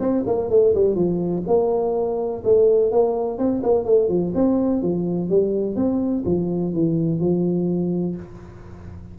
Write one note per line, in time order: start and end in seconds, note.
0.00 0.24 C4
0.27 0.50 A#3
0.50 0.74 A3
0.75 0.95 G3
0.95 1.43 F3
1.47 2.43 A#3
2.45 2.92 A3
2.92 3.38 A#3
3.38 3.62 C4
3.63 3.85 A#3
3.85 4.09 A3
4.09 4.33 F3
4.35 4.82 C4
4.82 5.30 F3
5.30 5.76 G3
5.76 6.24 C4
6.26 6.74 F3
6.74 7.20 E3
7.20 8.16 F3